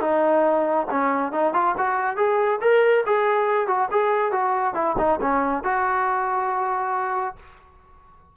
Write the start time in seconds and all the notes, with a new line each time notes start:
0.00 D#4
0.90 C#4
1.31 D#4
1.53 F4
1.77 F#4
2.16 G#4
2.61 A#4
3.06 G#4
3.67 F#4
3.91 G#4
4.31 F#4
4.74 E4
4.98 D#4
5.21 C#4
5.63 F#4